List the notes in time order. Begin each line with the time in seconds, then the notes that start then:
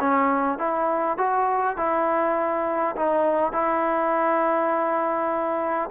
0.00 C#4
0.59 E4
1.18 F#4
1.77 E4
2.96 D#4
3.52 E4